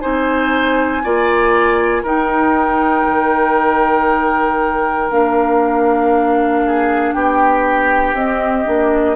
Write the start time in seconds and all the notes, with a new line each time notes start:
0.00 C4 D#4 C5 G#5
1.03 A#3 F4 D5
2.02 D#4 A#4 G5
3.07 D#3
5.10 A#3 D4 F5
6.65 G#4
7.13 B3 G4 G5
8.13 C4 D#5
8.64 A#3 D4